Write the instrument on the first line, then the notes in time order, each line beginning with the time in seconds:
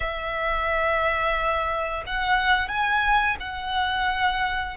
violin
0.00 E5
2.06 F#5
2.68 G#5
3.40 F#5